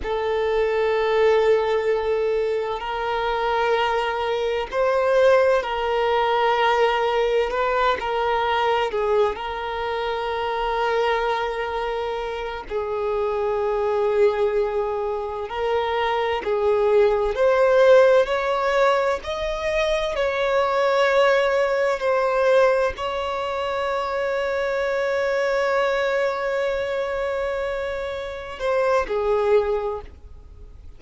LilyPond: \new Staff \with { instrumentName = "violin" } { \time 4/4 \tempo 4 = 64 a'2. ais'4~ | ais'4 c''4 ais'2 | b'8 ais'4 gis'8 ais'2~ | ais'4. gis'2~ gis'8~ |
gis'8 ais'4 gis'4 c''4 cis''8~ | cis''8 dis''4 cis''2 c''8~ | c''8 cis''2.~ cis''8~ | cis''2~ cis''8 c''8 gis'4 | }